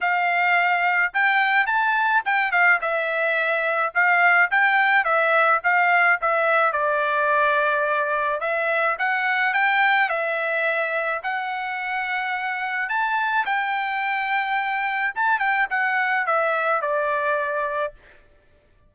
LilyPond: \new Staff \with { instrumentName = "trumpet" } { \time 4/4 \tempo 4 = 107 f''2 g''4 a''4 | g''8 f''8 e''2 f''4 | g''4 e''4 f''4 e''4 | d''2. e''4 |
fis''4 g''4 e''2 | fis''2. a''4 | g''2. a''8 g''8 | fis''4 e''4 d''2 | }